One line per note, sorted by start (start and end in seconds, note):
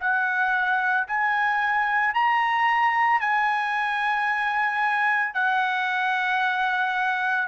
0.00 1.07 F#5
1.08 2.14 G#5
2.14 3.20 A#5
3.20 5.34 G#5
5.34 7.48 F#5